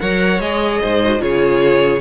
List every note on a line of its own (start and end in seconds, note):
0.00 0.39 F#3
0.00 0.41 A#4
0.00 0.81 C#5
0.00 0.40 F#5
0.39 0.80 G#3
0.39 1.01 G#4
0.39 1.21 D#5
0.81 1.20 G#2
0.81 1.22 C5
1.04 1.18 F#4
1.18 2.00 C#3
1.18 1.99 F4
1.18 2.00 G#4
1.18 2.00 C#5